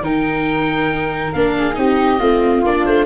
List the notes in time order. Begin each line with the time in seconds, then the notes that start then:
0.00 D#3 D#4 A#4 G5
1.33 A#3 D4 F5
1.58 G#4
1.73 C4 D#4 G4 D#5
2.19 A3 C4 F4
2.64 A#3 D4 D5
2.85 A3 C5